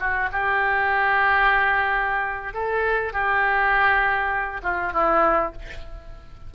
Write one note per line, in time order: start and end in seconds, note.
0.00 0.30 F#4
0.32 2.54 G4
2.54 3.13 A4
3.13 4.61 G4
4.63 4.93 F4
4.93 5.53 E4